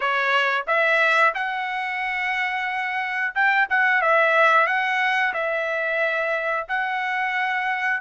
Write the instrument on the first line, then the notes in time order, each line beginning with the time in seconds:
trumpet
0.00 C#5
0.67 E5
1.34 F#5
3.34 G5
3.69 F#5
4.01 E5
4.66 F#5
5.33 E5
6.68 F#5